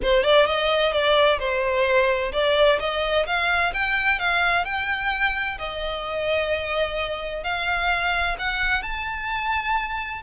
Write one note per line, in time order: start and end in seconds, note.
0.02 0.23 C5
0.23 0.46 D5
0.46 0.92 D#5
0.92 1.38 D5
1.39 2.32 C5
2.32 2.79 D5
2.79 3.26 D#5
3.26 3.73 F5
3.73 4.19 G5
4.19 4.64 F5
4.64 5.58 G5
5.58 7.43 D#5
7.43 8.36 F5
8.38 8.82 F#5
8.82 10.22 A5